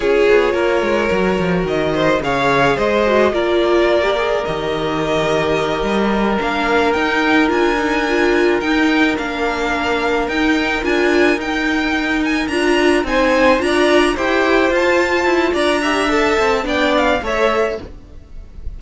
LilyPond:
<<
  \new Staff \with { instrumentName = "violin" } { \time 4/4 \tempo 4 = 108 cis''2. dis''4 | f''4 dis''4 d''2 | dis''2.~ dis''8 f''8~ | f''8 g''4 gis''2 g''8~ |
g''8 f''2 g''4 gis''8~ | gis''8 g''4. gis''8 ais''4 gis''8~ | gis''8 ais''4 g''4 a''4. | ais''4 a''4 g''8 f''8 e''4 | }
  \new Staff \with { instrumentName = "violin" } { \time 4/4 gis'4 ais'2~ ais'8 c''8 | cis''4 c''4 ais'2~ | ais'1~ | ais'1~ |
ais'1~ | ais'2.~ ais'8 c''8~ | c''8 d''4 c''2~ c''8 | d''8 e''4. d''4 cis''4 | }
  \new Staff \with { instrumentName = "viola" } { \time 4/4 f'2 fis'2 | gis'4. fis'8 f'4~ f'16 g'16 gis'8 | g'2.~ g'8 d'8~ | d'8 dis'4 f'8 dis'8 f'4 dis'8~ |
dis'8 d'2 dis'4 f'8~ | f'8 dis'2 f'4 dis'8~ | dis'8 f'4 g'4 f'4.~ | f'8 g'8 a'4 d'4 a'4 | }
  \new Staff \with { instrumentName = "cello" } { \time 4/4 cis'8 b8 ais8 gis8 fis8 f8 dis4 | cis4 gis4 ais2 | dis2~ dis8 g4 ais8~ | ais8 dis'4 d'2 dis'8~ |
dis'8 ais2 dis'4 d'8~ | d'8 dis'2 d'4 c'8~ | c'8 d'4 e'4 f'4 e'8 | d'4. c'8 b4 a4 | }
>>